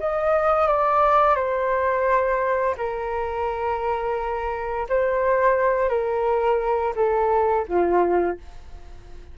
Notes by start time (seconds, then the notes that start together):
0.00 D#5
0.68 D5
1.36 C5
2.78 A#4
4.89 C5
5.90 A#4
6.96 A4
7.68 F4